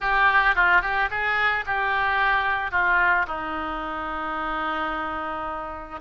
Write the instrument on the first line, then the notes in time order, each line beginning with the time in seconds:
oboe
0.00 G4
0.55 F4
0.81 G4
1.10 G#4
1.65 G4
2.71 F4
3.27 D#4